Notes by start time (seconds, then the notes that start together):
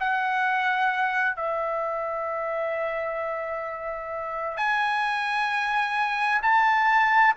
0.00 F#5
1.36 E5
4.57 G#5
6.43 A5